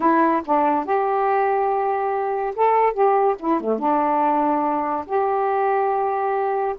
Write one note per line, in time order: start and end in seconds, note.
0.00 0.42 E4
0.45 0.85 D4
0.85 2.54 G4
2.55 2.93 A4
2.93 3.35 G4
3.39 3.60 E4
3.60 3.79 A3
3.79 5.05 D4
5.06 6.75 G4